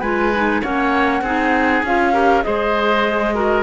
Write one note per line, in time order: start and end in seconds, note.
0.00 0.62 G#3
0.00 0.33 F4
0.00 0.61 B4
0.00 0.61 G#5
0.35 0.62 D#4
0.62 1.21 A#3
0.62 1.23 C#4
0.62 1.22 C#5
0.62 1.84 F#5
1.21 1.82 C4
1.21 1.85 D#4
1.21 2.13 G#4
1.83 2.44 C#4
1.83 2.13 F4
1.83 2.43 F5
2.13 2.42 G4
2.13 2.43 A#4
2.42 3.63 G#3
2.42 3.33 G#4
2.42 3.34 C5
2.42 3.63 D#5
3.34 3.63 F#4
3.34 3.63 A#4